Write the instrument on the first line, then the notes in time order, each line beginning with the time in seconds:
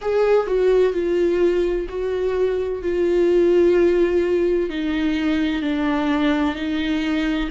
viola
0.01 G#4
0.46 F#4
0.93 F4
1.88 F#4
2.82 F4
4.69 D#4
5.62 D4
6.55 D#4